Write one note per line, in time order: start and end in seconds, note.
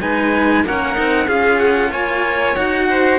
0.00 0.64 G#3
0.00 0.64 D#4
0.00 0.65 B4
0.00 0.64 G#5
0.64 0.96 A#3
0.64 0.94 C#4
0.64 1.26 A#4
0.64 1.28 F#5
0.94 1.28 C4
0.94 1.26 D#4
1.26 1.91 C#4
1.26 2.55 F4
1.26 1.90 G#4
1.26 1.59 F5
1.59 1.91 F#5
1.90 2.56 A#3
1.90 2.86 C#5
1.90 2.55 G#5
2.55 3.18 D#4
2.55 3.18 F#4
2.55 3.18 F#5
2.89 3.18 C5